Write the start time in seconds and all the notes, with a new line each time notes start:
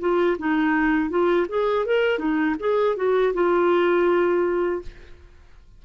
0.00 F4
0.39 D#4
1.10 F4
1.48 G#4
1.86 A#4
2.19 D#4
2.59 G#4
2.96 F#4
3.34 F4